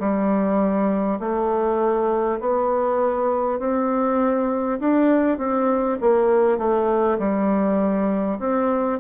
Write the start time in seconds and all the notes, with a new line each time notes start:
0.00 G3
1.20 A3
2.41 B3
3.59 C4
4.80 D4
5.38 C4
6.01 A#3
6.58 A3
7.19 G3
8.39 C4